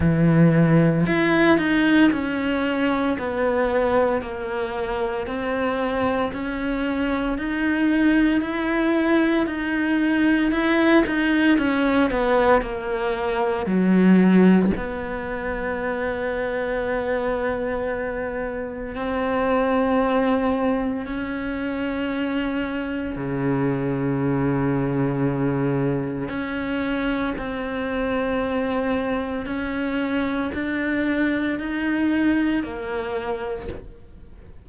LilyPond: \new Staff \with { instrumentName = "cello" } { \time 4/4 \tempo 4 = 57 e4 e'8 dis'8 cis'4 b4 | ais4 c'4 cis'4 dis'4 | e'4 dis'4 e'8 dis'8 cis'8 b8 | ais4 fis4 b2~ |
b2 c'2 | cis'2 cis2~ | cis4 cis'4 c'2 | cis'4 d'4 dis'4 ais4 | }